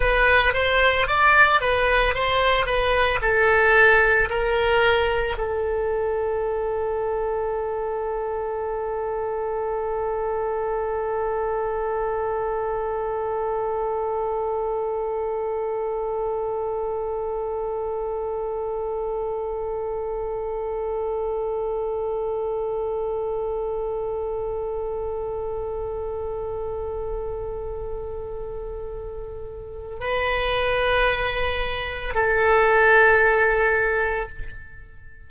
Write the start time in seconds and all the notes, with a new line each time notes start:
0.00 B4
0.54 C5
1.07 D5
1.61 B4
2.14 C5
2.65 B4
3.21 A4
4.29 A#4
5.37 A4
30.00 B4
32.14 A4